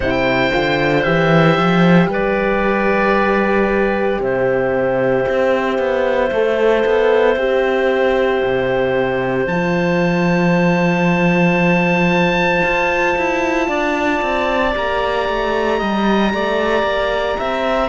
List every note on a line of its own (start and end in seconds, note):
0.00 0.50 C3
0.00 0.52 E4
0.00 2.10 C5
0.00 1.03 G5
0.52 1.05 D3
0.52 1.04 F4
1.03 1.57 E3
1.03 6.30 G4
1.03 2.08 E5
1.57 2.07 F3
2.07 4.18 G3
2.07 4.20 B4
2.07 4.21 D5
4.19 5.25 C3
4.19 13.68 C5
4.19 9.47 E5
5.28 5.78 C4
5.78 6.30 B3
6.31 6.84 A3
6.31 7.38 A4
6.85 7.36 B3
7.36 8.41 C4
7.36 9.49 G4
8.43 9.46 C3
9.46 12.62 F3
9.46 14.73 F4
9.46 14.73 A5
12.63 13.16 F4
13.17 13.68 E4
13.68 14.21 D4
13.68 15.78 D5
14.21 14.74 C4
14.73 15.28 A#3
14.73 17.89 G4
14.73 17.89 A#5
15.28 15.81 A3
15.78 16.33 G3
15.78 16.30 D#5
16.33 16.82 A3
16.33 17.38 D5
16.82 17.35 A#3
17.38 17.89 C4
17.38 17.89 E5